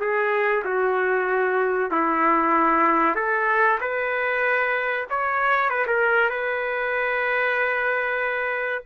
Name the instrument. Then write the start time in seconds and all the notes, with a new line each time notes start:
trumpet
0.00 G#4
0.64 F#4
1.90 E4
3.15 A4
3.80 B4
5.09 C#5
5.70 B4
5.86 A#4
6.30 B4